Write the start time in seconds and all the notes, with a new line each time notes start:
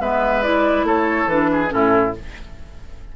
0.00 G#3 B3 B4 E5
0.43 E4 D5
0.83 A3 A4 C#5
1.27 E3 D4 B4
1.52 G#4
1.68 A2 C#4 E4 A4